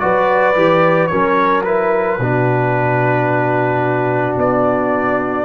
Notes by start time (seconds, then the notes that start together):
0.00 F#3 F#4 B4 D5
0.55 E3 G4
1.07 F#3 C#4 A#4 C#5
1.64 E4 B4
2.19 B2 D4 F#4
4.37 B3 D5